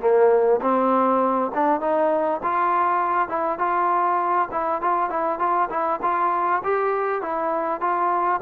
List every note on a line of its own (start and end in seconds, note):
0.00 0.60 A#3
0.61 1.51 C4
1.54 1.81 D4
1.81 2.41 D#4
2.43 3.29 F4
3.29 3.59 E4
3.59 4.49 F4
4.51 4.81 E4
4.81 5.10 F4
5.10 5.39 E4
5.39 5.69 F4
5.70 6.00 E4
6.02 6.62 F4
6.64 7.22 G4
7.22 7.81 E4
7.81 8.41 F4